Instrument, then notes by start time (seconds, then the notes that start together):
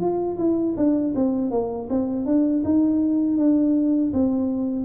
tuba
0.00 F4
0.38 E4
0.76 D4
1.15 C4
1.51 A#3
1.89 C4
2.25 D4
2.64 D#4
3.37 D4
4.13 C4